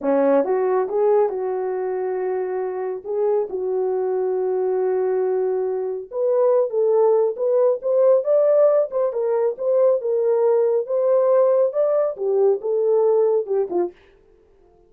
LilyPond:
\new Staff \with { instrumentName = "horn" } { \time 4/4 \tempo 4 = 138 cis'4 fis'4 gis'4 fis'4~ | fis'2. gis'4 | fis'1~ | fis'2 b'4. a'8~ |
a'4 b'4 c''4 d''4~ | d''8 c''8 ais'4 c''4 ais'4~ | ais'4 c''2 d''4 | g'4 a'2 g'8 f'8 | }